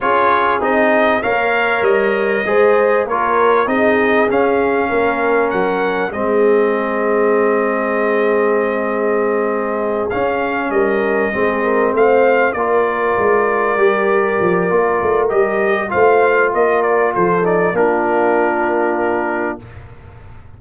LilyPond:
<<
  \new Staff \with { instrumentName = "trumpet" } { \time 4/4 \tempo 4 = 98 cis''4 dis''4 f''4 dis''4~ | dis''4 cis''4 dis''4 f''4~ | f''4 fis''4 dis''2~ | dis''1~ |
dis''8 f''4 dis''2 f''8~ | f''8 d''2.~ d''8~ | d''4 dis''4 f''4 dis''8 d''8 | c''8 d''8 ais'2. | }
  \new Staff \with { instrumentName = "horn" } { \time 4/4 gis'2 cis''2 | c''4 ais'4 gis'2 | ais'2 gis'2~ | gis'1~ |
gis'4. ais'4 gis'8 ais'8 c''8~ | c''8 ais'2.~ ais'8~ | ais'2 c''4 ais'4 | a'4 f'2. | }
  \new Staff \with { instrumentName = "trombone" } { \time 4/4 f'4 dis'4 ais'2 | gis'4 f'4 dis'4 cis'4~ | cis'2 c'2~ | c'1~ |
c'8 cis'2 c'4.~ | c'8 f'2 g'4. | f'4 g'4 f'2~ | f'8 dis'8 d'2. | }
  \new Staff \with { instrumentName = "tuba" } { \time 4/4 cis'4 c'4 ais4 g4 | gis4 ais4 c'4 cis'4 | ais4 fis4 gis2~ | gis1~ |
gis8 cis'4 g4 gis4 a8~ | a8 ais4 gis4 g4 f8 | ais8 a8 g4 a4 ais4 | f4 ais2. | }
>>